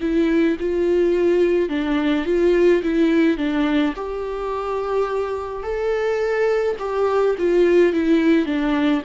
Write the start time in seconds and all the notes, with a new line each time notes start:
0.00 E4
0.59 F4
1.69 D4
2.25 F4
2.83 E4
3.37 D4
3.96 G4
5.63 A4
6.79 G4
7.38 F4
7.92 E4
8.45 D4